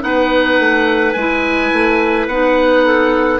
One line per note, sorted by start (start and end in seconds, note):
0.00 0.59 B3
0.00 1.13 D#4
0.00 2.86 B4
0.00 1.13 F#5
0.59 1.15 A3
1.13 1.71 G#3
1.13 2.31 E4
1.13 2.26 G#5
1.72 2.27 A3
2.27 3.40 B3
2.27 3.40 D#4
2.27 3.40 F#5
2.86 3.40 A4